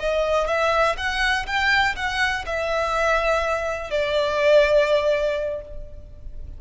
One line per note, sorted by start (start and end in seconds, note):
0.00 0.47 D#5
0.47 0.96 E5
0.97 1.46 F#5
1.47 1.95 G5
1.96 2.45 F#5
2.46 3.91 E5
3.91 5.62 D5